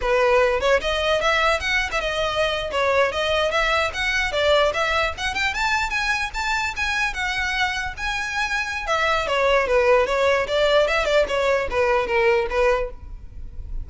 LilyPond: \new Staff \with { instrumentName = "violin" } { \time 4/4 \tempo 4 = 149 b'4. cis''8 dis''4 e''4 | fis''8. e''16 dis''4.~ dis''16 cis''4 dis''16~ | dis''8. e''4 fis''4 d''4 e''16~ | e''8. fis''8 g''8 a''4 gis''4 a''16~ |
a''8. gis''4 fis''2 gis''16~ | gis''2 e''4 cis''4 | b'4 cis''4 d''4 e''8 d''8 | cis''4 b'4 ais'4 b'4 | }